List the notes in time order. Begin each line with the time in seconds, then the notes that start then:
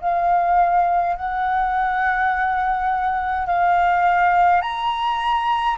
0.00 F5
1.16 F#5
3.46 F5
4.61 A#5